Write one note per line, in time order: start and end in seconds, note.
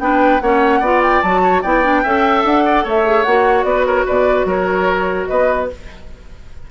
0.00 0.41 B3
0.00 0.41 D4
0.00 0.43 B4
0.00 0.40 G5
0.40 0.81 A#3
0.40 0.83 C#4
0.40 0.80 C#5
0.40 1.01 F#5
0.80 1.21 B3
0.80 1.24 F4
0.80 1.41 D5
1.02 1.22 G5
1.22 1.63 F#3
1.22 1.64 F#4
1.22 1.62 A5
1.43 1.62 C#5
1.62 2.04 B3
1.62 1.83 E4
1.62 2.02 D5
1.62 2.44 G5
1.83 2.04 D4
2.03 2.44 C#4
2.03 3.04 A4
2.03 2.64 E5
2.44 2.85 D4
2.44 2.86 F#5
2.65 2.84 D5
2.84 3.26 A3
2.84 3.65 C#5
2.84 3.23 E5
3.04 3.24 G#4
3.23 3.64 A#3
3.23 5.70 F#4
3.23 3.64 F#5
3.64 4.04 B3
3.64 3.86 B4
3.64 3.84 D5
3.85 4.06 A#4
3.85 4.06 C#5
4.06 4.45 B2
4.06 4.46 B4
4.06 4.48 D5
4.45 5.26 F#3
4.45 5.29 A#4
4.45 5.28 C#5
5.28 5.71 B3
5.28 5.69 B4
5.28 5.68 D#5